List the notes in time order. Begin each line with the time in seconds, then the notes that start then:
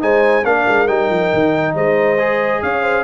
0.00 G#3 D#4 C5 G#5
0.44 A#3 D4 A#4 F5
0.68 G#3
0.87 G3 D#4 G5
1.10 F3
1.33 D#3
1.75 G#3 C5 D#5
2.19 G#4
2.62 C#4 C#5 F5
2.82 C5